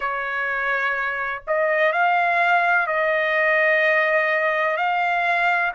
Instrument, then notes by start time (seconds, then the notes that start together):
trumpet
0.00 C#5
1.47 D#5
1.92 F5
2.87 D#5
4.76 F5